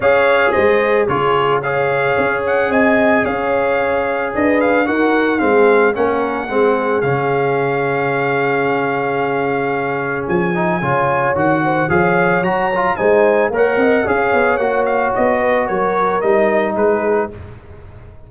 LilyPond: <<
  \new Staff \with { instrumentName = "trumpet" } { \time 4/4 \tempo 4 = 111 f''4 dis''4 cis''4 f''4~ | f''8 fis''8 gis''4 f''2 | dis''8 f''8 fis''4 f''4 fis''4~ | fis''4 f''2.~ |
f''2. gis''4~ | gis''4 fis''4 f''4 ais''4 | gis''4 fis''4 f''4 fis''8 f''8 | dis''4 cis''4 dis''4 b'4 | }
  \new Staff \with { instrumentName = "horn" } { \time 4/4 cis''4 c''4 gis'4 cis''4~ | cis''4 dis''4 cis''2 | b'4 ais'4 gis'4 ais'4 | gis'1~ |
gis'1 | cis''4. c''8 cis''2 | c''4 cis''8 dis''8 cis''2~ | cis''8 b'8 ais'2 gis'4 | }
  \new Staff \with { instrumentName = "trombone" } { \time 4/4 gis'2 f'4 gis'4~ | gis'1~ | gis'4 fis'4 c'4 cis'4 | c'4 cis'2.~ |
cis'2.~ cis'8 dis'8 | f'4 fis'4 gis'4 fis'8 f'8 | dis'4 ais'4 gis'4 fis'4~ | fis'2 dis'2 | }
  \new Staff \with { instrumentName = "tuba" } { \time 4/4 cis'4 gis4 cis2 | cis'4 c'4 cis'2 | d'4 dis'4 gis4 ais4 | gis4 cis2.~ |
cis2. f4 | cis4 dis4 f4 fis4 | gis4 ais8 c'8 cis'8 b8 ais4 | b4 fis4 g4 gis4 | }
>>